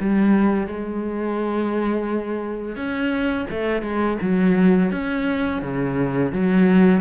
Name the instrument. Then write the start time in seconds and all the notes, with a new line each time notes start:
cello
0.00 G3
0.67 G#3
2.76 C#4
3.50 A3
3.82 G#3
4.22 F#3
4.92 C#4
5.62 C#3
6.32 F#3